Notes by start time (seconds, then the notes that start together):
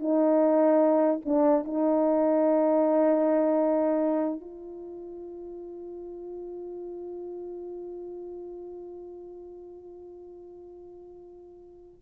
0.00 D#4
1.25 D4
1.65 D#4
4.41 F4